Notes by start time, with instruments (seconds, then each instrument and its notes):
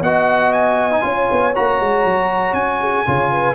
0.00 tuba B3, trombone F#4, horn D#5, trumpet F#5
0.53 trumpet G#5
0.91 trombone D#4
1.01 tuba C#4, trombone F4, horn C#5
1.31 tuba B3
1.55 tuba A#3, trombone F#4, trumpet A#5
1.80 tuba G#3
2.04 tuba F#3
2.53 tuba C#4, trumpet G#5
2.80 horn G#4
3.05 tuba C#3, trombone F4, horn C#5
3.31 horn B4